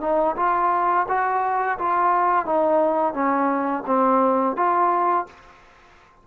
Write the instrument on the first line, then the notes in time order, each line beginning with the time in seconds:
trombone
0.00 D#4
0.36 F4
1.08 F#4
1.78 F4
2.45 D#4
3.13 C#4
3.86 C4
4.56 F4